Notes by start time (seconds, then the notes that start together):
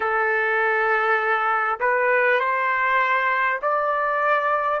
0.00 A4
1.80 B4
2.39 C5
3.62 D5